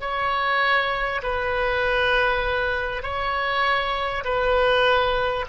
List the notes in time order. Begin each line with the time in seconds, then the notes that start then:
0.00 C#5
1.23 B4
3.02 C#5
4.24 B4